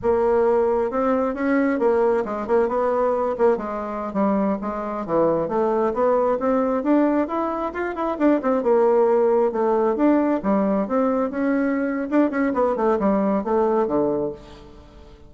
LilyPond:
\new Staff \with { instrumentName = "bassoon" } { \time 4/4 \tempo 4 = 134 ais2 c'4 cis'4 | ais4 gis8 ais8 b4. ais8 | gis4~ gis16 g4 gis4 e8.~ | e16 a4 b4 c'4 d'8.~ |
d'16 e'4 f'8 e'8 d'8 c'8 ais8.~ | ais4~ ais16 a4 d'4 g8.~ | g16 c'4 cis'4.~ cis'16 d'8 cis'8 | b8 a8 g4 a4 d4 | }